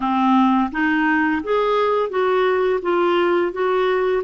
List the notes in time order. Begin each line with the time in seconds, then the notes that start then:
0.00 C4
0.71 D#4
1.43 G#4
2.09 F#4
2.82 F4
3.52 F#4